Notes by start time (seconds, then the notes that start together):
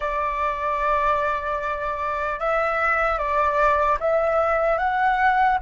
0.00 D5
2.39 E5
3.18 D5
4.00 E5
4.78 F#5